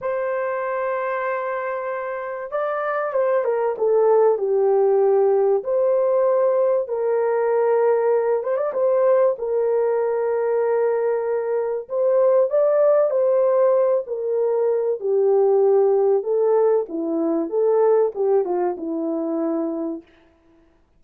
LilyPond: \new Staff \with { instrumentName = "horn" } { \time 4/4 \tempo 4 = 96 c''1 | d''4 c''8 ais'8 a'4 g'4~ | g'4 c''2 ais'4~ | ais'4. c''16 d''16 c''4 ais'4~ |
ais'2. c''4 | d''4 c''4. ais'4. | g'2 a'4 e'4 | a'4 g'8 f'8 e'2 | }